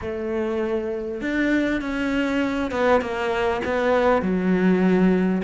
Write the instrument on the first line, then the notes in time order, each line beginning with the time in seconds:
cello
0.01 A3
1.21 D4
1.81 C#4
2.71 B3
3.01 A#3
3.64 B3
4.22 F#3